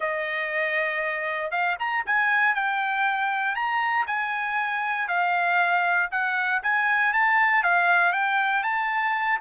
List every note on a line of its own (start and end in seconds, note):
0.00 1.51 D#5
1.51 1.76 F5
1.79 2.04 A#5
2.06 2.54 G#5
2.54 3.55 G5
3.55 4.06 A#5
4.07 5.08 G#5
5.08 6.09 F5
6.11 6.62 F#5
6.62 7.13 G#5
7.13 7.63 A5
7.63 8.12 F5
8.12 8.63 G5
8.63 9.39 A5